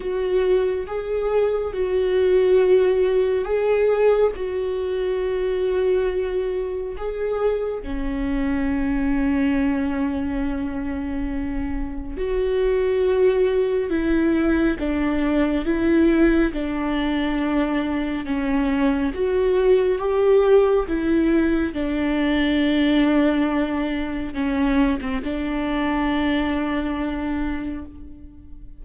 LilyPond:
\new Staff \with { instrumentName = "viola" } { \time 4/4 \tempo 4 = 69 fis'4 gis'4 fis'2 | gis'4 fis'2. | gis'4 cis'2.~ | cis'2 fis'2 |
e'4 d'4 e'4 d'4~ | d'4 cis'4 fis'4 g'4 | e'4 d'2. | cis'8. c'16 d'2. | }